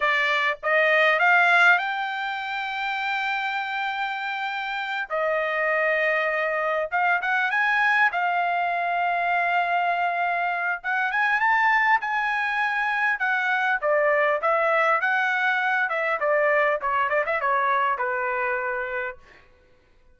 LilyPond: \new Staff \with { instrumentName = "trumpet" } { \time 4/4 \tempo 4 = 100 d''4 dis''4 f''4 g''4~ | g''1~ | g''8 dis''2. f''8 | fis''8 gis''4 f''2~ f''8~ |
f''2 fis''8 gis''8 a''4 | gis''2 fis''4 d''4 | e''4 fis''4. e''8 d''4 | cis''8 d''16 e''16 cis''4 b'2 | }